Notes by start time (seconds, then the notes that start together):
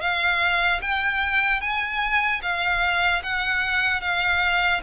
0.00 F5
0.81 G5
1.61 G#5
2.42 F5
3.23 F#5
4.01 F5